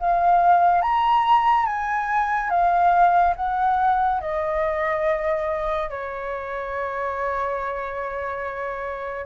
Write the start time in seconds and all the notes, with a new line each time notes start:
0.00 F5
0.81 A#5
1.66 G#5
2.50 F5
3.36 F#5
4.21 D#5
5.90 C#5